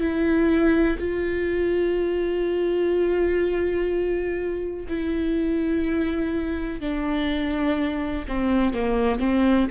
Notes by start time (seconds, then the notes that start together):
0.00 E4
0.99 F4
4.88 E4
6.80 D4
8.28 C4
8.74 A#3
9.19 C4